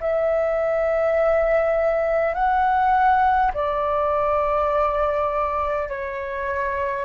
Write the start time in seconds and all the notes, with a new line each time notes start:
0.00 E5
2.34 F#5
3.54 D5
5.89 C#5